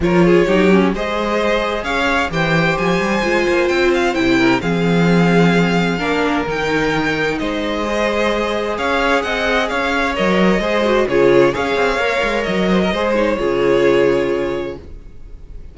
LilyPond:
<<
  \new Staff \with { instrumentName = "violin" } { \time 4/4 \tempo 4 = 130 cis''2 dis''2 | f''4 g''4 gis''2 | g''8 f''8 g''4 f''2~ | f''2 g''2 |
dis''2. f''4 | fis''4 f''4 dis''2 | cis''4 f''2 dis''4~ | dis''8 cis''2.~ cis''8 | }
  \new Staff \with { instrumentName = "violin" } { \time 4/4 ais'8 gis'8 g'4 c''2 | cis''4 c''2.~ | c''4. ais'8 gis'2~ | gis'4 ais'2. |
c''2. cis''4 | dis''4 cis''2 c''4 | gis'4 cis''2~ cis''8 c''16 ais'16 | c''4 gis'2. | }
  \new Staff \with { instrumentName = "viola" } { \time 4/4 f'4 dis'8 cis'8 gis'2~ | gis'4 g'2 f'4~ | f'4 e'4 c'2~ | c'4 d'4 dis'2~ |
dis'4 gis'2.~ | gis'2 ais'4 gis'8 fis'8 | f'4 gis'4 ais'2 | gis'8 dis'8 f'2. | }
  \new Staff \with { instrumentName = "cello" } { \time 4/4 f4 fis4 gis2 | cis'4 e4 f8 g8 gis8 ais8 | c'4 c4 f2~ | f4 ais4 dis2 |
gis2. cis'4 | c'4 cis'4 fis4 gis4 | cis4 cis'8 c'8 ais8 gis8 fis4 | gis4 cis2. | }
>>